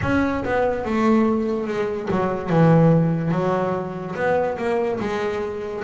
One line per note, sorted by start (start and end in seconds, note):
0.02 0.44 C#4
0.44 0.84 B3
0.84 1.67 A3
1.67 2.08 G#3
2.11 2.49 F#3
2.49 3.31 E3
3.31 4.14 F#3
4.15 4.57 B3
4.57 4.99 A#3
5.00 5.83 G#3